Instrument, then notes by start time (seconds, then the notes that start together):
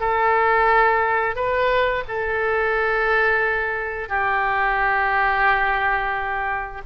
oboe
0.00 A4
1.35 B4
2.08 A4
4.09 G4